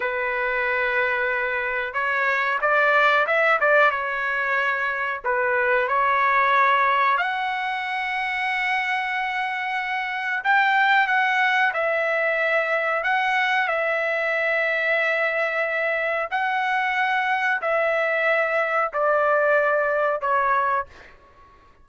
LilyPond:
\new Staff \with { instrumentName = "trumpet" } { \time 4/4 \tempo 4 = 92 b'2. cis''4 | d''4 e''8 d''8 cis''2 | b'4 cis''2 fis''4~ | fis''1 |
g''4 fis''4 e''2 | fis''4 e''2.~ | e''4 fis''2 e''4~ | e''4 d''2 cis''4 | }